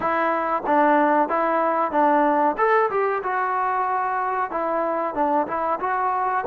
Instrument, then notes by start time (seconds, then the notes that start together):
trombone
0.00 E4
0.66 D4
1.28 E4
1.91 D4
2.57 A4
2.90 G4
3.23 F#4
4.50 E4
5.14 D4
5.47 E4
5.80 F#4